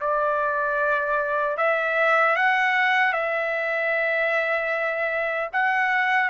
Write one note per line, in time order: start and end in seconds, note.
0.00 1.57 D5
1.57 2.36 E5
2.36 3.13 F#5
3.13 5.49 E5
5.53 6.29 F#5